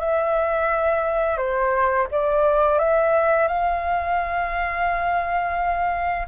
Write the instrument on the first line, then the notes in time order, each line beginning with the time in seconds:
flute
0.00 E5
1.38 C5
2.12 D5
2.79 E5
3.48 F5